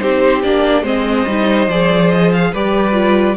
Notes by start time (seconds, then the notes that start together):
0.00 C4 D#4 G4 C5
0.43 A#3 D4 D5
0.83 G#3 C4 C5 D#5
1.27 G3 D#4
1.68 F3 G#4 D5
2.10 D#5
2.33 F5
2.52 G3 G4 B4 D5
2.93 F4